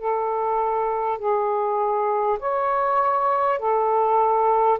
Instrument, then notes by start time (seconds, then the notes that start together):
saxophone
0.00 A4
1.19 G#4
2.40 C#5
3.59 A4